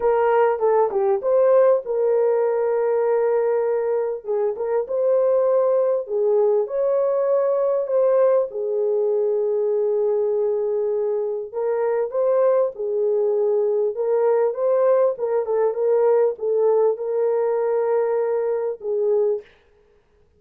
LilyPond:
\new Staff \with { instrumentName = "horn" } { \time 4/4 \tempo 4 = 99 ais'4 a'8 g'8 c''4 ais'4~ | ais'2. gis'8 ais'8 | c''2 gis'4 cis''4~ | cis''4 c''4 gis'2~ |
gis'2. ais'4 | c''4 gis'2 ais'4 | c''4 ais'8 a'8 ais'4 a'4 | ais'2. gis'4 | }